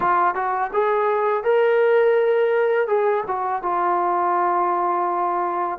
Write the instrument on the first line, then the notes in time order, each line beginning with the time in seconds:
trombone
0.00 F4
0.34 F#4
0.73 G#4
1.43 A#4
2.87 G#4
3.27 F#4
3.62 F4